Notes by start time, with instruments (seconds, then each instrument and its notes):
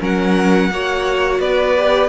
0.00 cello F#3, viola C#4, violin A#4 F#5
0.71 cello A#3, viola F#4, violin C#5
1.40 cello B3, violin B4 D5
1.77 viola G4